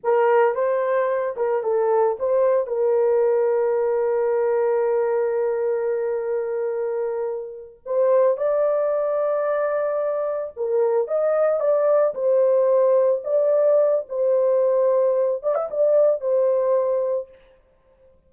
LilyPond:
\new Staff \with { instrumentName = "horn" } { \time 4/4 \tempo 4 = 111 ais'4 c''4. ais'8 a'4 | c''4 ais'2.~ | ais'1~ | ais'2~ ais'8 c''4 d''8~ |
d''2.~ d''8 ais'8~ | ais'8 dis''4 d''4 c''4.~ | c''8 d''4. c''2~ | c''8 d''16 e''16 d''4 c''2 | }